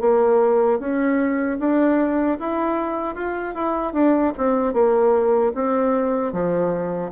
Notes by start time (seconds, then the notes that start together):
0.00 A#3
0.79 C#4
1.59 D4
2.39 E4
3.15 F4
3.54 E4
3.93 D4
4.37 C4
4.73 A#3
5.54 C4
6.32 F3